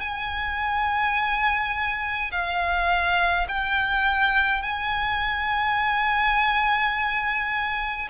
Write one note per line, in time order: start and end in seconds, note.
0.00 2.30 G#5
2.31 3.47 F5
3.48 4.62 G5
4.62 8.08 G#5